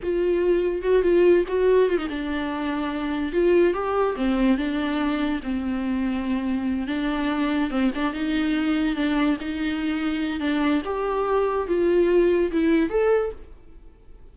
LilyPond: \new Staff \with { instrumentName = "viola" } { \time 4/4 \tempo 4 = 144 f'2 fis'8 f'4 fis'8~ | fis'8 f'16 dis'16 d'2. | f'4 g'4 c'4 d'4~ | d'4 c'2.~ |
c'8 d'2 c'8 d'8 dis'8~ | dis'4. d'4 dis'4.~ | dis'4 d'4 g'2 | f'2 e'4 a'4 | }